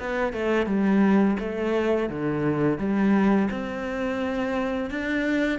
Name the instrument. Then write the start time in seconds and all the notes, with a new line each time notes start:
cello
0.00 B3
0.33 A3
0.66 G3
1.39 A3
2.10 D3
2.79 G3
3.51 C4
4.90 D4